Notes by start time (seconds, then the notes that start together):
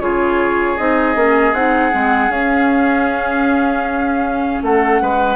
0.00 C#3 F4 G#4 C#5
0.77 C4 D#4 D#5
1.15 A#3 C#4
1.53 C4 D#4 F#5
1.91 G#3 C4
2.29 C#4 F5
4.62 A3 A4 F#5
5.01 G#3 B4